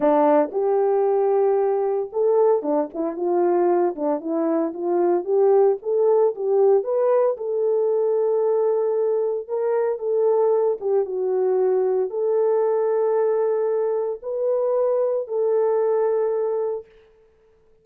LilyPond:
\new Staff \with { instrumentName = "horn" } { \time 4/4 \tempo 4 = 114 d'4 g'2. | a'4 d'8 e'8 f'4. d'8 | e'4 f'4 g'4 a'4 | g'4 b'4 a'2~ |
a'2 ais'4 a'4~ | a'8 g'8 fis'2 a'4~ | a'2. b'4~ | b'4 a'2. | }